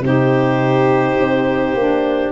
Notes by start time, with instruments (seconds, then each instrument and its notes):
0.00 tuba C3, saxophone D#4, violin G4, clarinet C5
1.20 tuba C4
1.74 tuba A#3, saxophone D4